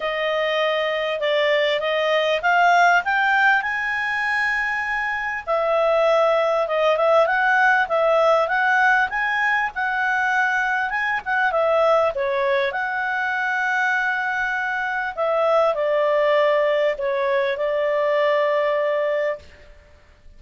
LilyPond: \new Staff \with { instrumentName = "clarinet" } { \time 4/4 \tempo 4 = 99 dis''2 d''4 dis''4 | f''4 g''4 gis''2~ | gis''4 e''2 dis''8 e''8 | fis''4 e''4 fis''4 gis''4 |
fis''2 gis''8 fis''8 e''4 | cis''4 fis''2.~ | fis''4 e''4 d''2 | cis''4 d''2. | }